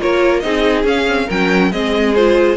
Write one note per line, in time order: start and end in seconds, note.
0.00 0.45 A#3
0.00 0.43 F4
0.00 0.43 A#4
0.00 0.40 C#5
0.40 0.85 C4
0.40 0.85 D#4
0.40 1.27 G#4
0.40 0.83 D#5
0.85 1.28 C#4
0.85 1.07 C#4
0.85 1.30 F5
1.07 1.28 C4
1.27 1.72 F#3
1.27 1.72 C#4
1.27 1.70 A#4
1.27 1.72 G5
1.72 2.57 G#3
1.72 2.15 C4
1.72 2.57 G#4
1.72 2.15 D#5
2.15 2.57 F4
2.15 2.57 C5